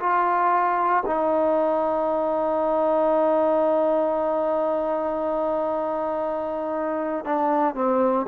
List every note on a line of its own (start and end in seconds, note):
0.00 1.03 F4
1.06 7.25 D#4
7.25 7.74 D4
7.74 8.26 C4